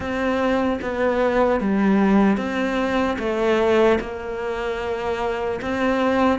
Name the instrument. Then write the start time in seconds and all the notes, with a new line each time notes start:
cello
0.00 C4
0.81 B3
1.60 G3
2.37 C4
3.19 A3
4.00 A#3
5.61 C4